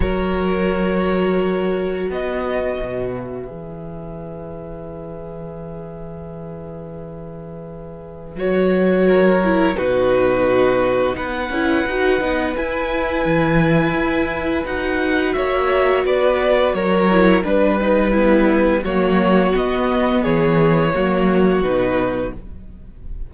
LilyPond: <<
  \new Staff \with { instrumentName = "violin" } { \time 4/4 \tempo 4 = 86 cis''2. dis''4~ | dis''8 e''2.~ e''8~ | e''1 | cis''2 b'2 |
fis''2 gis''2~ | gis''4 fis''4 e''4 d''4 | cis''4 b'2 cis''4 | dis''4 cis''2 b'4 | }
  \new Staff \with { instrumentName = "violin" } { \time 4/4 ais'2. b'4~ | b'1~ | b'1~ | b'4 ais'4 fis'2 |
b'1~ | b'2 cis''4 b'4 | ais'4 b'4 b4 fis'4~ | fis'4 gis'4 fis'2 | }
  \new Staff \with { instrumentName = "viola" } { \time 4/4 fis'1~ | fis'4 gis'2.~ | gis'1 | fis'4. e'8 dis'2~ |
dis'8 e'8 fis'8 dis'8 e'2~ | e'4 fis'2.~ | fis'8 e'8 d'8 dis'8 e'4 ais4 | b2 ais4 dis'4 | }
  \new Staff \with { instrumentName = "cello" } { \time 4/4 fis2. b4 | b,4 e2.~ | e1 | fis2 b,2 |
b8 cis'8 dis'8 b8 e'4 e4 | e'4 dis'4 ais4 b4 | fis4 g2 fis4 | b4 e4 fis4 b,4 | }
>>